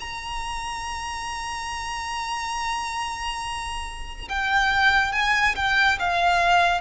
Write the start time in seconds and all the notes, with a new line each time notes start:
0.00 A#5
4.29 G5
5.12 G#5
5.55 G5
5.99 F5